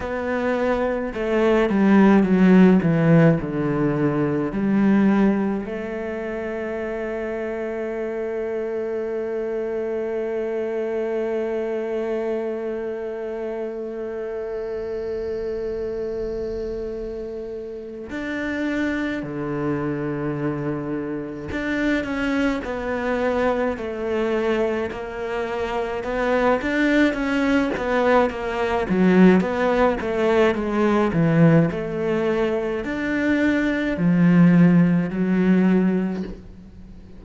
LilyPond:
\new Staff \with { instrumentName = "cello" } { \time 4/4 \tempo 4 = 53 b4 a8 g8 fis8 e8 d4 | g4 a2.~ | a1~ | a1 |
d'4 d2 d'8 cis'8 | b4 a4 ais4 b8 d'8 | cis'8 b8 ais8 fis8 b8 a8 gis8 e8 | a4 d'4 f4 fis4 | }